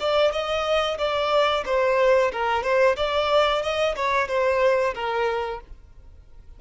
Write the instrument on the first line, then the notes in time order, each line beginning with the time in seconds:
violin
0.00 D5
0.32 D#5
0.98 D5
1.66 C5
2.32 A#4
2.63 C5
2.97 D5
3.62 D#5
3.96 C#5
4.28 C5
4.95 A#4